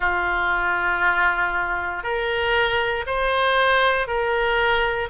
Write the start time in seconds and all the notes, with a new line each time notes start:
0.00 F4
2.03 A#4
3.06 C5
4.07 A#4